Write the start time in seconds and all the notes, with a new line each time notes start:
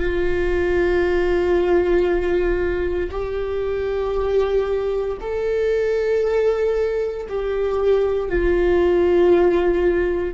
0.00 F4
3.11 G4
5.21 A4
7.29 G4
8.29 F4